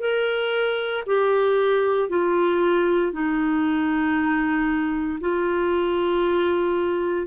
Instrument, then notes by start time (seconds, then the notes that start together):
clarinet
0.00 A#4
1.07 G4
2.09 F4
3.13 D#4
5.21 F4